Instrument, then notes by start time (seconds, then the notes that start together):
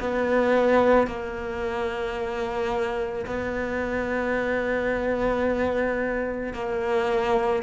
cello
0.00 B3
1.08 A#3
3.26 B3
6.54 A#3